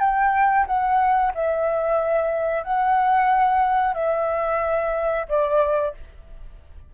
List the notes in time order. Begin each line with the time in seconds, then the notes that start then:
0.00 G5
0.67 F#5
1.35 E5
2.64 F#5
3.94 E5
5.29 D5